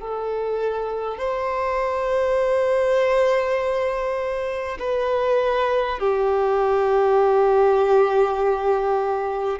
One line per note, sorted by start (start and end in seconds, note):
0.00 1.18 A4
1.18 4.78 C5
4.79 5.99 B4
5.99 9.59 G4